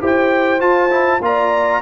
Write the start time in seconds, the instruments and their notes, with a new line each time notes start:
0.00 tuba E4, trombone G4, horn C5, trumpet G5
0.59 trombone F4, tuba F4, trumpet A5
0.90 trombone E4
1.21 tuba A#3, trombone F4, horn D5, trumpet A#5